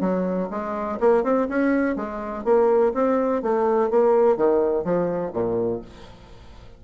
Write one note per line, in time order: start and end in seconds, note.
0.00 0.48 F#3
0.50 0.99 G#3
1.00 1.23 A#3
1.23 1.47 C4
1.48 1.96 C#4
1.96 2.44 G#3
2.44 2.92 A#3
2.94 3.42 C4
3.42 3.90 A3
3.90 4.36 A#3
4.36 4.84 D#3
4.84 5.32 F3
5.33 5.81 A#2